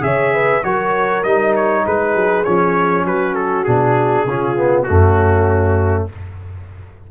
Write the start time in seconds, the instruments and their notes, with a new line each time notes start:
0.00 tuba C#3, trombone G#4, horn C#5, trumpet E5
0.34 horn B4
0.63 tuba F#3, trombone F#4, horn A#4, trumpet C#5
1.23 tuba G3, trombone D#4, trumpet D#5
1.55 trumpet C#5
1.83 tuba G#3, horn G#4, trumpet B4
2.15 tuba F#3
2.44 tuba F3, trombone C#4, trumpet C#5
3.04 tuba F#3, horn F#4, trumpet B4
3.34 trumpet A4
3.64 tuba B2, trombone D4, trumpet G#4
4.26 tuba C#3, trombone C#4, horn F4
4.56 trombone B3
4.83 trombone A3, trumpet F#4
4.89 tuba F#2, horn C#4